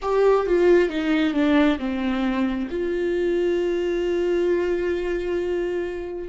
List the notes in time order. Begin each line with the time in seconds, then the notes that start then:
0.02 G4
0.46 F4
0.89 D#4
1.34 D4
1.79 C4
2.70 F4